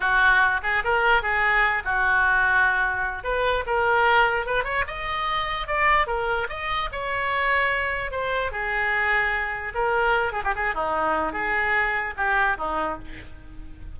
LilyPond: \new Staff \with { instrumentName = "oboe" } { \time 4/4 \tempo 4 = 148 fis'4. gis'8 ais'4 gis'4~ | gis'8 fis'2.~ fis'8 | b'4 ais'2 b'8 cis''8 | dis''2 d''4 ais'4 |
dis''4 cis''2. | c''4 gis'2. | ais'4. gis'16 g'16 gis'8 dis'4. | gis'2 g'4 dis'4 | }